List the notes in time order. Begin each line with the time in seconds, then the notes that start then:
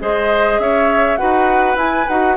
0.00 G#3 G#4 C5 D#5
0.59 C#4 C#5 E5
1.17 D#4 F#4 B4 F#5
1.76 E4 G#5
2.08 D#4 F#4 F#5